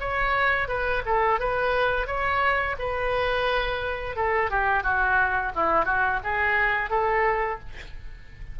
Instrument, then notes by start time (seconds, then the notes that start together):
oboe
0.00 C#5
0.68 B4
1.06 A4
1.39 B4
2.07 C#5
2.79 B4
4.16 A4
4.50 G4
4.83 F#4
5.55 E4
5.85 F#4
6.24 G#4
6.90 A4